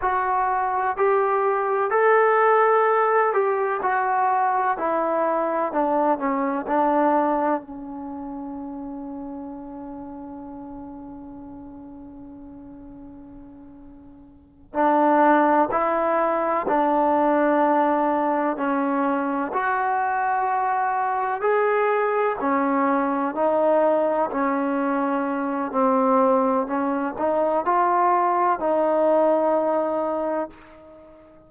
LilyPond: \new Staff \with { instrumentName = "trombone" } { \time 4/4 \tempo 4 = 63 fis'4 g'4 a'4. g'8 | fis'4 e'4 d'8 cis'8 d'4 | cis'1~ | cis'2.~ cis'8 d'8~ |
d'8 e'4 d'2 cis'8~ | cis'8 fis'2 gis'4 cis'8~ | cis'8 dis'4 cis'4. c'4 | cis'8 dis'8 f'4 dis'2 | }